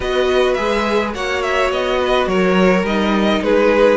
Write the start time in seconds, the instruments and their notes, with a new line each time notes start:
0.00 cello B3, viola F#4, violin B4 D#5
0.53 cello G#3, viola G#4, violin E5
1.14 cello A#3, viola F#4, violin C#5 F#5
1.42 violin E5
1.70 cello B3, violin D#5
2.01 violin B4
2.27 cello F#3, violin A#4 C#5
2.82 cello G3, viola D#4, violin D#5
3.41 cello G#3, violin G#4 B4